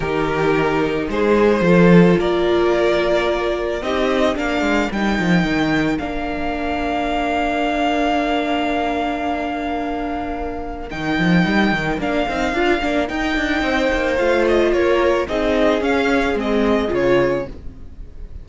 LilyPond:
<<
  \new Staff \with { instrumentName = "violin" } { \time 4/4 \tempo 4 = 110 ais'2 c''2 | d''2. dis''4 | f''4 g''2 f''4~ | f''1~ |
f''1 | g''2 f''2 | g''2 f''8 dis''8 cis''4 | dis''4 f''4 dis''4 cis''4 | }
  \new Staff \with { instrumentName = "violin" } { \time 4/4 g'2 gis'4 a'4 | ais'2. g'4 | ais'1~ | ais'1~ |
ais'1~ | ais'1~ | ais'4 c''2 ais'4 | gis'1 | }
  \new Staff \with { instrumentName = "viola" } { \time 4/4 dis'2. f'4~ | f'2. dis'4 | d'4 dis'2 d'4~ | d'1~ |
d'1 | dis'2 d'8 dis'8 f'8 d'8 | dis'2 f'2 | dis'4 cis'4 c'4 f'4 | }
  \new Staff \with { instrumentName = "cello" } { \time 4/4 dis2 gis4 f4 | ais2. c'4 | ais8 gis8 g8 f8 dis4 ais4~ | ais1~ |
ais1 | dis8 f8 g8 dis8 ais8 c'8 d'8 ais8 | dis'8 d'8 c'8 ais8 a4 ais4 | c'4 cis'4 gis4 cis4 | }
>>